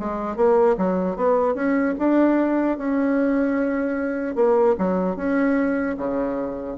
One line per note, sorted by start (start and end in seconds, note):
0.00 0.36 G#3
0.36 0.76 A#3
0.78 1.17 F#3
1.17 1.55 B3
1.55 1.95 C#4
1.99 2.78 D4
2.78 4.36 C#4
4.36 4.76 A#3
4.79 5.16 F#3
5.16 5.96 C#4
5.98 6.78 C#3